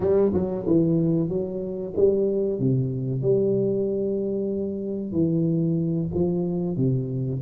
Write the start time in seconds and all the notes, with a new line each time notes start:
0.00 G3
0.33 F#3
0.66 E3
1.28 F#3
1.96 G3
2.59 C3
3.21 G3
5.11 E3
6.13 F3
6.76 C3